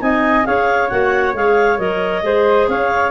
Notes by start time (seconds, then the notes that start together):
0.00 C4 D#4 D#5 G#5
0.45 C#4 G#4 C#5 F5
0.90 A#3 F#4 F#5
1.34 G#3 G#4 F5
1.78 F#3 A#4 D#5
2.23 G#3 G#4 C5
2.68 C#4 C#5 F5